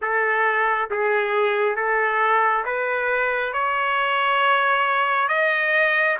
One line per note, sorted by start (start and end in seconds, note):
0.01 0.89 A4
0.90 1.76 G#4
1.76 2.64 A4
2.65 3.53 B4
3.53 5.28 C#5
5.28 6.16 D#5